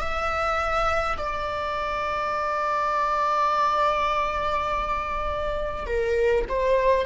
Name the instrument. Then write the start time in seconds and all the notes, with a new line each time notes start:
viola
0.00 E5
1.18 D5
5.87 A#4
6.49 C5